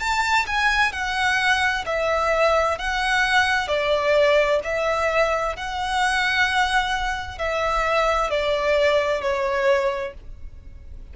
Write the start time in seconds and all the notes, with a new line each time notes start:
0.00 A5
0.47 G#5
0.92 F#5
1.86 E5
2.78 F#5
3.68 D5
4.64 E5
5.56 F#5
7.38 E5
8.30 D5
9.22 C#5